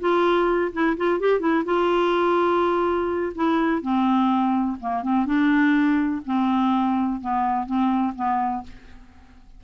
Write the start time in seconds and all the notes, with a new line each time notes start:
0.00 F4
0.73 E4
0.97 F4
1.20 G4
1.40 E4
1.65 F4
3.35 E4
3.82 C4
4.81 A#3
5.03 C4
5.26 D4
6.26 C4
7.21 B3
7.66 C4
8.16 B3